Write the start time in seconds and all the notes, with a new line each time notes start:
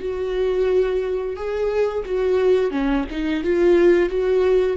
0.00 F#4
1.36 G#4
2.05 F#4
2.71 C#4
3.11 D#4
3.43 F4
4.09 F#4